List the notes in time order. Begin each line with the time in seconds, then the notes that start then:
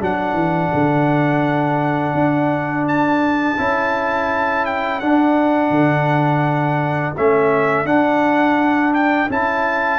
0.00 F#3 D4 A4 F#5
0.34 E3
0.74 D3
2.14 D4
2.88 A5
3.58 C#4 E4
4.66 G5
4.99 D4 F#5
5.70 D3
7.17 A3 C#4 E5
7.85 D4 F#5
8.94 G5
9.29 C#4 E4 A5